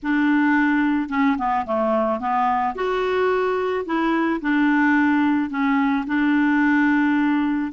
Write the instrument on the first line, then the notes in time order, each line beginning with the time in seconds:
clarinet
0.02 D4
1.09 C#4
1.38 B3
1.65 A3
2.19 B3
2.75 F#4
3.85 E4
4.41 D4
5.49 C#4
6.07 D4